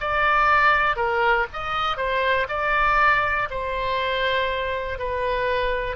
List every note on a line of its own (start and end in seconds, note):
0.00 0.96 D5
0.96 1.46 A#4
1.53 1.97 D#5
1.97 2.47 C5
2.49 3.49 D5
3.50 4.99 C5
4.99 5.96 B4